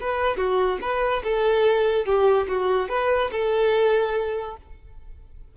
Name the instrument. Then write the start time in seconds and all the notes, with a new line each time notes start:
violin
0.00 B4
0.37 F#4
0.81 B4
1.23 A4
2.05 G4
2.48 F#4
2.89 B4
3.31 A4